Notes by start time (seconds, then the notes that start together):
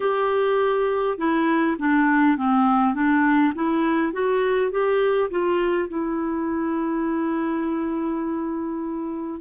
0.00 G4
1.18 E4
1.79 D4
2.37 C4
2.94 D4
3.55 E4
4.12 F#4
4.71 G4
5.30 F4
5.88 E4